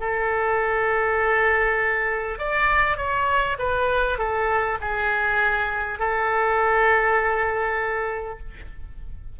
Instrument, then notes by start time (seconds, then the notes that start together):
oboe
0.00 A4
2.39 D5
2.97 C#5
3.59 B4
4.18 A4
4.81 G#4
5.99 A4